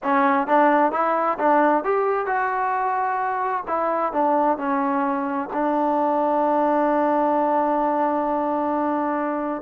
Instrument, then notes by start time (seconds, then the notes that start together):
trombone
0.03 C#4
0.47 D4
0.92 E4
1.38 D4
1.84 G4
2.26 F#4
3.67 E4
4.12 D4
4.57 C#4
5.53 D4